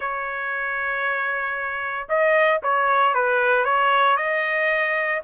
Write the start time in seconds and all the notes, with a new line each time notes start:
0.00 C#5
2.08 D#5
2.62 C#5
3.14 B4
3.65 C#5
4.16 D#5